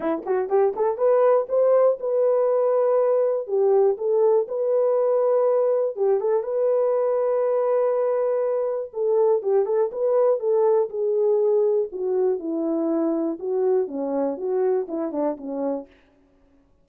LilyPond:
\new Staff \with { instrumentName = "horn" } { \time 4/4 \tempo 4 = 121 e'8 fis'8 g'8 a'8 b'4 c''4 | b'2. g'4 | a'4 b'2. | g'8 a'8 b'2.~ |
b'2 a'4 g'8 a'8 | b'4 a'4 gis'2 | fis'4 e'2 fis'4 | cis'4 fis'4 e'8 d'8 cis'4 | }